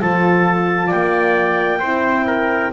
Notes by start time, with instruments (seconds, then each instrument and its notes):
0.00 double bass F3, horn F4, trumpet A4, clarinet A5
0.87 trumpet D5, clarinet G5
0.93 double bass A#3
1.80 double bass C4, horn E4, trumpet C5
2.27 trumpet A#4